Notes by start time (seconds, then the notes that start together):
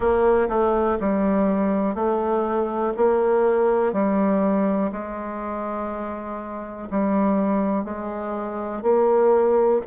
0.00 A#3
0.48 A3
1.00 G3
1.94 A3
2.96 A#3
3.92 G3
4.92 G#3
6.90 G3
7.84 G#3
8.82 A#3